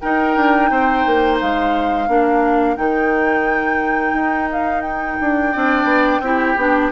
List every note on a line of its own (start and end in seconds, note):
0.00 2.07 D#4
0.00 0.36 D#4
0.00 0.70 A#4
0.00 1.38 G5
0.36 0.70 D4
0.70 1.05 C4
0.70 2.09 C5
1.06 1.41 A#3
1.41 2.08 G#3
1.41 2.76 F5
2.07 2.77 A#3
2.07 2.76 D4
2.07 5.52 A#4
2.76 4.13 D#3
2.76 5.52 D#4
2.76 4.49 G5
4.13 5.17 D#4
4.52 4.81 F5
4.81 6.88 G5
5.21 5.55 D4
5.52 5.84 C4
5.52 6.23 D4
5.52 6.21 D5
5.84 6.19 B3
6.20 6.55 C4
6.20 6.58 E4
6.20 6.92 G4
6.56 6.91 B3
6.56 6.92 D4